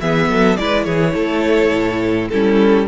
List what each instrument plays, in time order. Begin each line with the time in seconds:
0.00 cello E3, viola B3, violin G#4 E5
0.28 cello F#3, violin A4
0.57 cello G#3, viola E4, violin B4 D5
0.84 cello E3, violin G#4 C#5
1.13 cello A3, violin A4
1.72 cello A2
2.29 cello G3, viola C#4, violin E4 A4